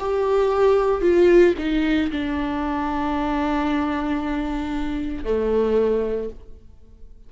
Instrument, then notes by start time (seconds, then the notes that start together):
viola
0.00 G4
1.02 F4
1.58 D#4
2.11 D4
5.25 A3